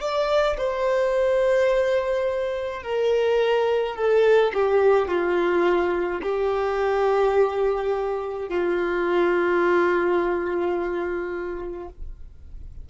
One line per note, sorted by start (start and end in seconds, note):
0.00 0.57 D5
0.57 2.83 C5
2.83 3.96 A#4
3.96 4.52 A4
4.53 5.07 G4
5.07 6.21 F4
6.22 8.49 G4
8.49 11.88 F4